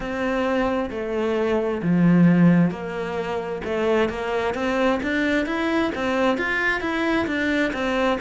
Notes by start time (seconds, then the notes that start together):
0.00 C4
0.90 A3
1.82 F3
2.70 A#3
3.64 A3
4.09 A#3
4.54 C4
5.02 D4
5.45 E4
5.94 C4
6.37 F4
6.81 E4
7.26 D4
7.73 C4